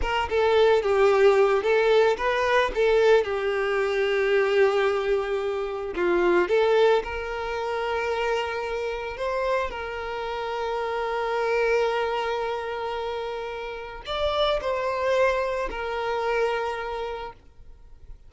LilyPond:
\new Staff \with { instrumentName = "violin" } { \time 4/4 \tempo 4 = 111 ais'8 a'4 g'4. a'4 | b'4 a'4 g'2~ | g'2. f'4 | a'4 ais'2.~ |
ais'4 c''4 ais'2~ | ais'1~ | ais'2 d''4 c''4~ | c''4 ais'2. | }